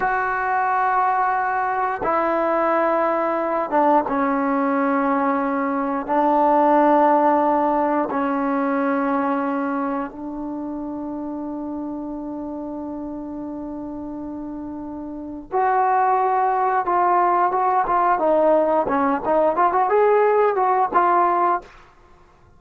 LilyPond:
\new Staff \with { instrumentName = "trombone" } { \time 4/4 \tempo 4 = 89 fis'2. e'4~ | e'4. d'8 cis'2~ | cis'4 d'2. | cis'2. d'4~ |
d'1~ | d'2. fis'4~ | fis'4 f'4 fis'8 f'8 dis'4 | cis'8 dis'8 f'16 fis'16 gis'4 fis'8 f'4 | }